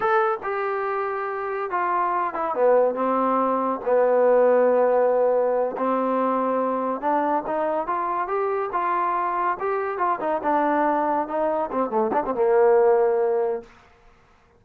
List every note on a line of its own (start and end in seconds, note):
0.00 0.38 A4
0.43 1.70 G4
1.70 2.33 F4
2.33 2.54 E4
2.54 2.94 B3
2.94 3.79 C4
3.84 5.76 B3
5.77 7.00 C4
7.00 7.43 D4
7.46 7.86 D#4
7.86 8.27 F4
8.27 8.70 G4
8.72 9.57 F4
9.59 9.97 G4
9.97 10.19 F4
10.20 10.41 D#4
10.43 11.27 D4
11.27 11.70 D#4
11.71 11.90 C4
11.90 12.11 A3
12.13 12.23 D4
12.25 12.35 C4
12.35 13.62 A#3